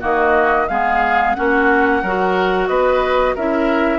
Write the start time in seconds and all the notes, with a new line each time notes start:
0.00 D#3 A#3 F#4 D#5
0.68 G#3 B3 G#4 F5
1.35 A#3 C#4 F#4 F#5
2.02 F#3 F#4 A#4
2.68 B3 B4 D#5
3.35 C#4 E4 A#4 E5